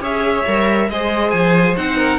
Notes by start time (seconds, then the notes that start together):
0.00 C#4 G#4 C#5 E5
0.47 G3 A#4
0.89 G#3 G#4 C5 D#5
1.31 F3 G#5
1.76 C4 D#4 F#5
1.97 A#4